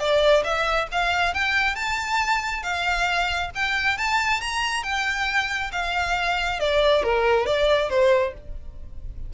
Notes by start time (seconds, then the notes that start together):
0.00 D5
0.44 E5
0.92 F5
1.35 G5
1.76 A5
2.63 F5
3.55 G5
3.98 A5
4.41 A#5
4.84 G5
5.73 F5
6.60 D5
7.04 A#4
7.47 D5
7.90 C5